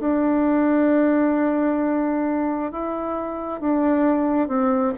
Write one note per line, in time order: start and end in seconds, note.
0.00 2.71 D4
2.71 3.61 E4
3.61 4.48 D4
4.48 4.93 C4